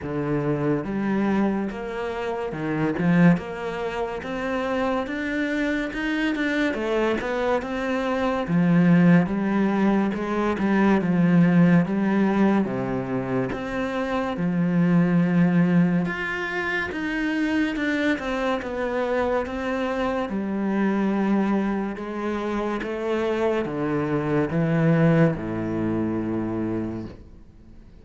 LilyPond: \new Staff \with { instrumentName = "cello" } { \time 4/4 \tempo 4 = 71 d4 g4 ais4 dis8 f8 | ais4 c'4 d'4 dis'8 d'8 | a8 b8 c'4 f4 g4 | gis8 g8 f4 g4 c4 |
c'4 f2 f'4 | dis'4 d'8 c'8 b4 c'4 | g2 gis4 a4 | d4 e4 a,2 | }